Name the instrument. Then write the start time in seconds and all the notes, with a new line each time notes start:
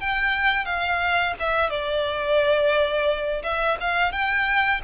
violin
0.00 G5
0.65 F5
1.40 E5
1.70 D5
3.43 E5
3.81 F5
4.12 G5